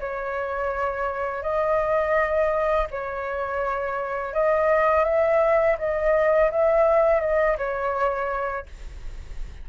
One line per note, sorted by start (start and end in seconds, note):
0.00 1.42 C#5
1.42 2.87 D#5
2.91 4.33 C#5
4.33 5.04 D#5
5.04 5.77 E5
5.78 6.51 D#5
6.51 7.20 E5
7.20 7.56 D#5
7.57 8.66 C#5